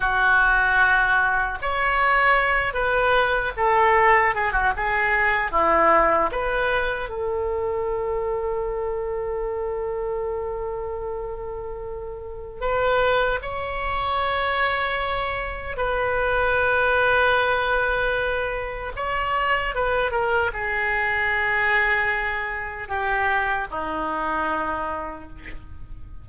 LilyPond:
\new Staff \with { instrumentName = "oboe" } { \time 4/4 \tempo 4 = 76 fis'2 cis''4. b'8~ | b'8 a'4 gis'16 fis'16 gis'4 e'4 | b'4 a'2.~ | a'1 |
b'4 cis''2. | b'1 | cis''4 b'8 ais'8 gis'2~ | gis'4 g'4 dis'2 | }